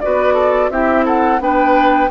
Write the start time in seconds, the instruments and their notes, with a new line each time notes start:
0.00 bassoon B3, clarinet F#4, oboe B4, flute D5
0.34 oboe A4
0.70 bassoon C4, clarinet E4, oboe G4, flute E5
1.05 oboe A4, flute F#5
1.39 bassoon B3, clarinet D4, oboe B4, flute G5